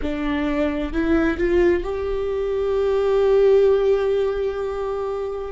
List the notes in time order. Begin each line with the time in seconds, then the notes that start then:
0.02 D4
0.92 E4
1.37 F4
1.83 G4